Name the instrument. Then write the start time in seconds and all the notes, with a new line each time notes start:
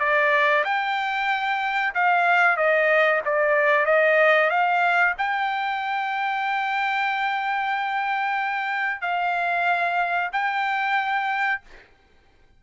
trumpet
0.00 D5
0.65 G5
1.95 F5
2.57 D#5
3.26 D5
3.86 D#5
4.50 F5
5.18 G5
9.02 F5
10.33 G5